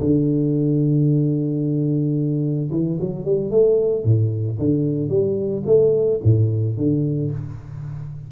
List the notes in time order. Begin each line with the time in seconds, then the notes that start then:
0.00 D3
2.71 E3
3.00 F#3
3.25 G3
3.51 A3
4.04 A2
4.58 D3
5.09 G3
5.66 A3
6.24 A2
6.77 D3